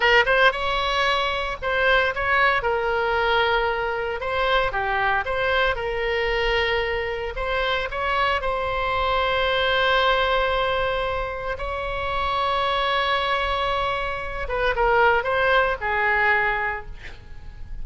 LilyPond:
\new Staff \with { instrumentName = "oboe" } { \time 4/4 \tempo 4 = 114 ais'8 c''8 cis''2 c''4 | cis''4 ais'2. | c''4 g'4 c''4 ais'4~ | ais'2 c''4 cis''4 |
c''1~ | c''2 cis''2~ | cis''2.~ cis''8 b'8 | ais'4 c''4 gis'2 | }